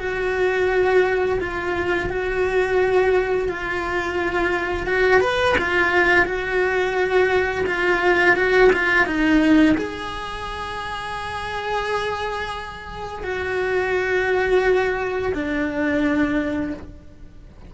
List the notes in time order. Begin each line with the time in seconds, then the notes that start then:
0.00 F#4
1.40 F4
2.10 F#4
3.49 F4
4.87 F#4
5.21 B4
5.58 F4
6.26 F#4
7.67 F4
8.36 F#4
8.73 F4
9.06 D#4
9.78 G#4
13.24 F#4
15.35 D4